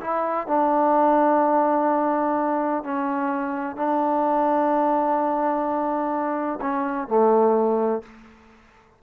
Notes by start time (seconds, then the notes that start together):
0.00 E4
0.47 D4
2.83 C#4
3.76 D4
6.61 C#4
7.07 A3